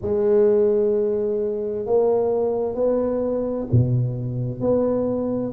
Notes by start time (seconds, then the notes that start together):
0.01 G#3
1.85 A#3
2.74 B3
3.71 B2
4.60 B3